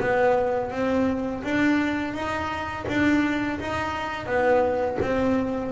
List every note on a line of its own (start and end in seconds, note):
0.00 0.71 B3
0.71 1.43 C4
1.43 2.14 D4
2.14 2.85 D#4
2.88 3.59 D4
3.59 4.26 D#4
4.26 4.97 B3
5.01 5.71 C4